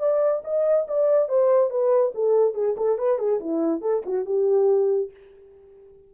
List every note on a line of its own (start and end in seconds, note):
0.00 0.43 D5
0.45 0.87 D#5
0.88 1.29 D5
1.29 1.71 C5
1.71 2.13 B4
2.15 2.55 A4
2.55 2.76 G#4
2.77 2.99 A4
2.99 3.19 B4
3.19 3.40 G#4
3.41 3.82 E4
3.82 4.03 A4
4.06 4.26 F#4
4.26 5.11 G4